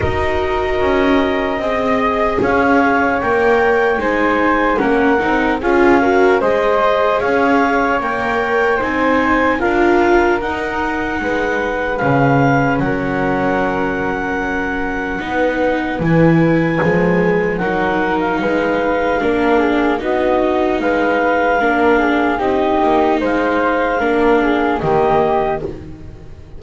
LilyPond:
<<
  \new Staff \with { instrumentName = "clarinet" } { \time 4/4 \tempo 4 = 75 dis''2. f''4 | g''4 gis''4 fis''4 f''4 | dis''4 f''4 g''4 gis''4 | f''4 fis''2 f''4 |
fis''1 | gis''2 fis''8. f''4~ f''16~ | f''4 dis''4 f''2 | dis''4 f''2 dis''4 | }
  \new Staff \with { instrumentName = "flute" } { \time 4/4 ais'2 dis''4 cis''4~ | cis''4 c''4 ais'4 gis'8 ais'8 | c''4 cis''2 c''4 | ais'2 b'2 |
ais'2. b'4~ | b'2 ais'4 b'4 | ais'8 gis'8 fis'4 b'4 ais'8 gis'8 | g'4 c''4 ais'8 gis'8 g'4 | }
  \new Staff \with { instrumentName = "viola" } { \time 4/4 fis'2 gis'2 | ais'4 dis'4 cis'8 dis'8 f'8 fis'8 | gis'2 ais'4 dis'4 | f'4 dis'2 cis'4~ |
cis'2. dis'4 | e'4 gis4 dis'2 | d'4 dis'2 d'4 | dis'2 d'4 ais4 | }
  \new Staff \with { instrumentName = "double bass" } { \time 4/4 dis'4 cis'4 c'4 cis'4 | ais4 gis4 ais8 c'8 cis'4 | gis4 cis'4 ais4 c'4 | d'4 dis'4 gis4 cis4 |
fis2. b4 | e4 f4 fis4 gis4 | ais4 b4 gis4 ais4 | c'8 ais8 gis4 ais4 dis4 | }
>>